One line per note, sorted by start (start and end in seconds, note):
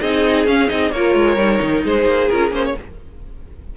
0.00 0.46 C4
0.00 0.47 D#4
0.00 0.92 G#4
0.00 0.46 D#5
0.46 0.69 C#4
0.46 0.68 C#4
0.46 0.69 F5
0.68 0.91 C4
0.68 0.91 D#4
0.68 0.91 D#5
0.91 1.14 A#3
0.91 1.37 F4
0.91 1.84 A#4
0.91 1.83 C#5
1.14 1.36 G#3
1.36 1.59 G3
1.36 2.28 D#4
1.61 1.84 D#3
1.84 2.05 G#3
1.84 2.75 G#4
1.84 2.28 C5
2.05 2.28 A#3
2.28 2.51 C#4
2.28 2.51 F4
2.28 2.51 A#4
2.51 2.74 A#3
2.51 2.74 C#4
2.51 2.65 C5
2.65 2.77 C#5